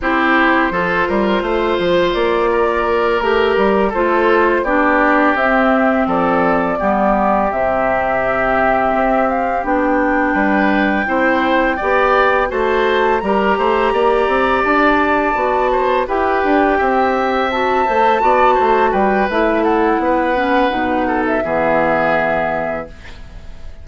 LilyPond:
<<
  \new Staff \with { instrumentName = "flute" } { \time 4/4 \tempo 4 = 84 c''2. d''4~ | d''8 ais'4 c''4 d''4 e''8~ | e''8 d''2 e''4.~ | e''4 f''8 g''2~ g''8~ |
g''4. a''4 ais''4.~ | ais''8 a''2 g''4.~ | g''8 a''2 g''8 e''8 fis''8~ | fis''4.~ fis''16 e''2~ e''16 | }
  \new Staff \with { instrumentName = "oboe" } { \time 4/4 g'4 a'8 ais'8 c''4. ais'8~ | ais'4. a'4 g'4.~ | g'8 a'4 g'2~ g'8~ | g'2~ g'8 b'4 c''8~ |
c''8 d''4 c''4 ais'8 c''8 d''8~ | d''2 c''8 b'4 e''8~ | e''4. d''8 c''8 b'4 a'8 | b'4. a'8 gis'2 | }
  \new Staff \with { instrumentName = "clarinet" } { \time 4/4 e'4 f'2.~ | f'8 g'4 f'4 d'4 c'8~ | c'4. b4 c'4.~ | c'4. d'2 e'8~ |
e'8 g'4 fis'4 g'4.~ | g'4. fis'4 g'4.~ | g'8 fis'8 c''8 fis'4. e'4~ | e'8 cis'8 dis'4 b2 | }
  \new Staff \with { instrumentName = "bassoon" } { \time 4/4 c'4 f8 g8 a8 f8 ais4~ | ais8 a8 g8 a4 b4 c'8~ | c'8 f4 g4 c4.~ | c8 c'4 b4 g4 c'8~ |
c'8 b4 a4 g8 a8 ais8 | c'8 d'4 b4 e'8 d'8 c'8~ | c'4 a8 b8 a8 g8 a4 | b4 b,4 e2 | }
>>